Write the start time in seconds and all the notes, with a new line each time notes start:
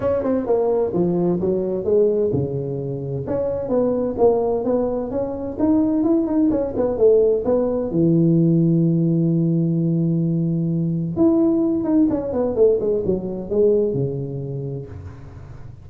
0.00 C#4
0.23 C4
0.46 A#3
0.93 F3
1.40 F#3
1.84 G#3
2.32 C#3
3.27 C#4
3.68 B3
4.17 A#3
4.64 B3
5.10 C#4
5.59 D#4
6.03 E4
6.26 D#4
6.51 C#4
6.76 B3
6.97 A3
7.45 B3
7.90 E3
11.16 E4
11.84 D#4
12.10 C#4
12.32 B3
12.55 A3
12.80 G#3
13.05 F#3
13.49 G#3
13.93 C#3